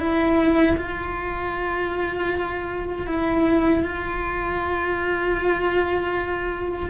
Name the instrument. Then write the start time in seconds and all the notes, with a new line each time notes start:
cello
0.00 E4
0.77 F4
3.07 E4
3.84 F4